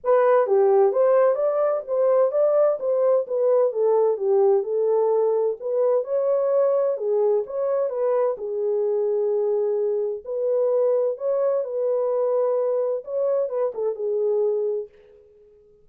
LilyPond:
\new Staff \with { instrumentName = "horn" } { \time 4/4 \tempo 4 = 129 b'4 g'4 c''4 d''4 | c''4 d''4 c''4 b'4 | a'4 g'4 a'2 | b'4 cis''2 gis'4 |
cis''4 b'4 gis'2~ | gis'2 b'2 | cis''4 b'2. | cis''4 b'8 a'8 gis'2 | }